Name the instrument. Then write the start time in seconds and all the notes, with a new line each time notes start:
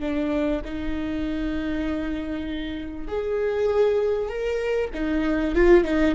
viola
0.00 D4
0.64 D#4
3.08 G#4
4.29 A#4
4.94 D#4
5.55 F4
5.84 D#4